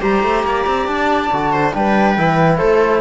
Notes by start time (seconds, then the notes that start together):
0.00 G3 G4 C5 A#5
0.23 A3
0.44 A#3 D5
0.66 C4
0.87 D4 A5
1.32 D3 F#4
1.52 C5
1.73 G3 D4 B4 G5
2.17 E3 E4
2.58 A3 A4 C5